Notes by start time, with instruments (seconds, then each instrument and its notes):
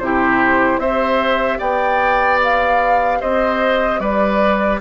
0.00 bassoon C3, clarinet E4, oboe G4, flute C5
0.78 bassoon C4, clarinet G4, oboe C5, flute E5
1.59 bassoon B3, oboe D5, flute G5
2.44 flute F5
3.21 bassoon C4, oboe C5, flute D#5
4.00 bassoon G3, oboe B4, flute D5